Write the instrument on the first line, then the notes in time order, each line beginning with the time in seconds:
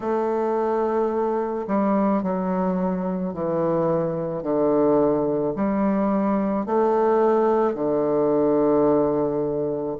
bassoon
0.00 A3
1.67 G3
2.22 F#3
3.33 E3
4.42 D3
5.55 G3
6.66 A3
7.74 D3